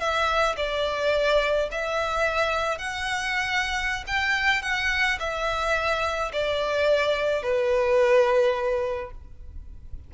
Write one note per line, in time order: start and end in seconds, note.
0.00 0.56 E5
0.57 1.69 D5
1.72 2.79 E5
2.79 4.05 F#5
4.08 4.63 G5
4.63 5.19 F#5
5.20 6.32 E5
6.33 7.43 D5
7.43 9.11 B4